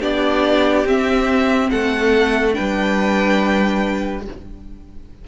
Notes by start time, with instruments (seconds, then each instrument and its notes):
0.00 cello B3, viola D4, violin G4 D5
0.85 cello C4, viola C4, violin E5
1.70 cello A3, violin A4 F#5
2.53 cello G3, viola D4, violin B4 G5